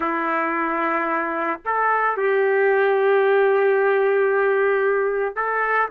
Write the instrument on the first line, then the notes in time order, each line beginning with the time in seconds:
trumpet
0.00 E4
1.65 A4
2.16 G4
5.35 A4